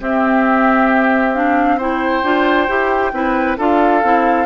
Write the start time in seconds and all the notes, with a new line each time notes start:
0.00 C4 G4 E5
1.35 D4 F5
1.78 E4 C5 G5
2.23 D4 F4
2.68 E4 G4
3.13 C4 E4 B4
3.58 D4 F4 A4 F5
4.04 C4 E4